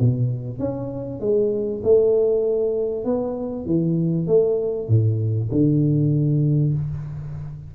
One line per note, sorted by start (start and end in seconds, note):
0.00 0.59 B2
0.59 1.20 C#4
1.20 1.81 G#3
1.84 3.05 A3
3.05 3.66 B3
3.66 4.27 E3
4.27 4.88 A3
4.88 5.50 A2
5.52 6.74 D3